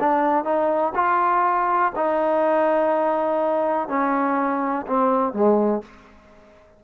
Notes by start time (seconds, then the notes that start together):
0.00 D4
0.44 D#4
0.95 F4
1.96 D#4
3.88 C#4
4.87 C4
5.33 G#3